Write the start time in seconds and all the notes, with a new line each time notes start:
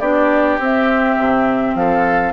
0.00 B3 D4 G4 D5
0.59 C4 E5
1.18 C3
1.75 F3 A4 F5